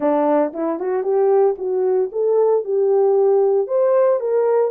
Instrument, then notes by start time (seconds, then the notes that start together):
horn
0.00 D4
0.53 E4
0.79 F#4
1.03 G4
1.58 F#4
2.11 A4
2.64 G4
3.67 C5
4.19 A#4